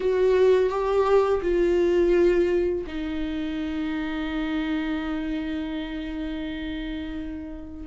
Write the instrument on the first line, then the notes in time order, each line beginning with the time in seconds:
viola
0.00 F#4
0.69 G4
1.42 F4
2.86 D#4